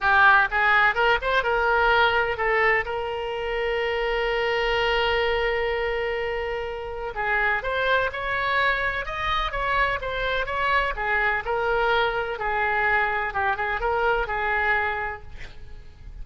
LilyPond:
\new Staff \with { instrumentName = "oboe" } { \time 4/4 \tempo 4 = 126 g'4 gis'4 ais'8 c''8 ais'4~ | ais'4 a'4 ais'2~ | ais'1~ | ais'2. gis'4 |
c''4 cis''2 dis''4 | cis''4 c''4 cis''4 gis'4 | ais'2 gis'2 | g'8 gis'8 ais'4 gis'2 | }